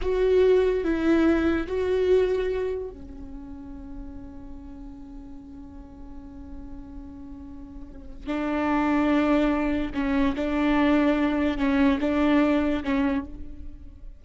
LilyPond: \new Staff \with { instrumentName = "viola" } { \time 4/4 \tempo 4 = 145 fis'2 e'2 | fis'2. cis'4~ | cis'1~ | cis'1~ |
cis'1 | d'1 | cis'4 d'2. | cis'4 d'2 cis'4 | }